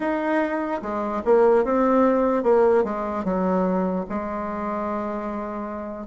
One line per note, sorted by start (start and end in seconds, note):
0.00 0.81 D#4
0.81 1.22 G#3
1.25 1.64 A#3
1.64 2.43 C4
2.43 2.83 A#3
2.84 3.24 G#3
3.24 4.05 F#3
4.09 6.07 G#3